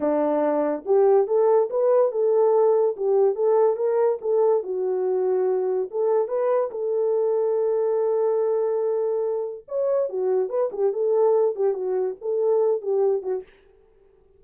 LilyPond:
\new Staff \with { instrumentName = "horn" } { \time 4/4 \tempo 4 = 143 d'2 g'4 a'4 | b'4 a'2 g'4 | a'4 ais'4 a'4 fis'4~ | fis'2 a'4 b'4 |
a'1~ | a'2. cis''4 | fis'4 b'8 g'8 a'4. g'8 | fis'4 a'4. g'4 fis'8 | }